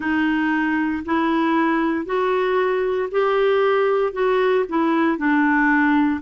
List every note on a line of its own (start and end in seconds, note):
0.00 1.03 D#4
1.05 2.05 E4
2.05 3.09 F#4
3.11 4.12 G4
4.12 4.64 F#4
4.68 5.17 E4
5.17 6.21 D4